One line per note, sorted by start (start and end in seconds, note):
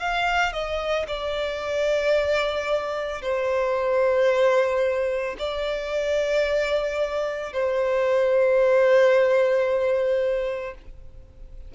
0.00 0.53 F5
0.53 1.07 D#5
1.08 3.22 D5
3.22 5.37 C5
5.39 7.53 D5
7.53 10.75 C5